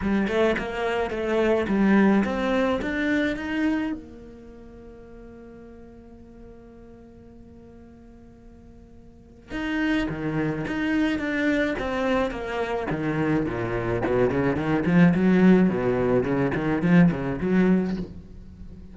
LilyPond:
\new Staff \with { instrumentName = "cello" } { \time 4/4 \tempo 4 = 107 g8 a8 ais4 a4 g4 | c'4 d'4 dis'4 ais4~ | ais1~ | ais1~ |
ais4 dis'4 dis4 dis'4 | d'4 c'4 ais4 dis4 | ais,4 b,8 cis8 dis8 f8 fis4 | b,4 cis8 dis8 f8 cis8 fis4 | }